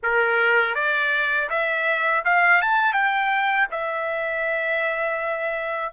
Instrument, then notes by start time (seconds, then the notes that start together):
trumpet
0.02 A#4
0.74 D5
1.49 E5
2.24 F5
2.61 A5
2.93 G5
3.71 E5